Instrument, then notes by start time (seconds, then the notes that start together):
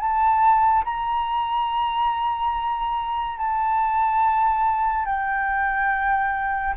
flute
0.00 A5
0.85 A#5
3.38 A5
5.06 G5